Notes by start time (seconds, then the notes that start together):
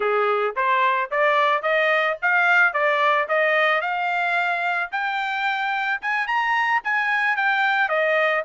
0.00 G#4
0.56 C5
1.10 D5
1.62 D#5
2.21 F5
2.73 D5
3.28 D#5
3.81 F5
4.91 G5
6.01 G#5
6.27 A#5
6.83 G#5
7.36 G5
7.88 D#5